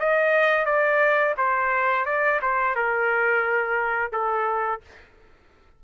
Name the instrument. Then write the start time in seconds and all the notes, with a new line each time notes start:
trumpet
0.00 D#5
0.66 D5
1.38 C5
2.06 D5
2.42 C5
2.76 A#4
4.13 A4